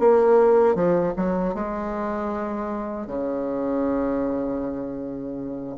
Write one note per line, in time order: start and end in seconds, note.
0.00 0.76 A#3
0.76 1.14 F3
1.17 1.55 F#3
1.55 3.08 G#3
3.08 5.77 C#3